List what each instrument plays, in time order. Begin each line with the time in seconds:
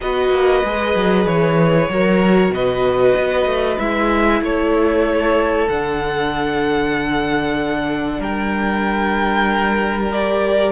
0.00 cello B3, viola F#4, violin B4 D#5
0.30 cello A#3
0.64 cello G#3, viola G#4
0.95 cello F#3
1.25 cello E3, violin C#5
1.89 cello F#3, viola F#4, violin A#4
2.49 cello B2, violin B4 D#5
3.16 cello B3
3.45 cello A3
3.78 cello G#3, viola E4, violin E5
4.41 cello A3, violin A4 C#5
5.68 cello D3, viola D4, violin F#5
8.19 cello G3, violin A#4 G5
10.11 viola G4, violin D5